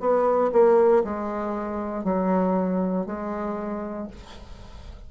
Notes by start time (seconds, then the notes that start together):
0.00 B3
0.52 A#3
1.04 G#3
2.04 F#3
3.06 G#3